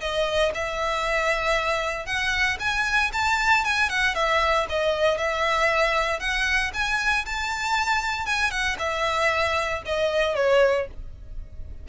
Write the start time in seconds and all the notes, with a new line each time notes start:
0.00 D#5
0.54 E5
2.05 F#5
2.59 G#5
3.12 A5
3.64 G#5
3.89 F#5
4.14 E5
4.69 D#5
5.17 E5
6.19 F#5
6.73 G#5
7.25 A5
8.25 G#5
8.50 F#5
8.78 E5
9.85 D#5
10.35 C#5